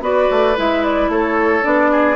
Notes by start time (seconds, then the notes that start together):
0.00 B3 F#4 B4 D5
0.30 A3
0.56 G#3 E4 E5
0.83 D5
1.08 A3 A4 C#5
1.62 B3 D4 D5
1.91 G#4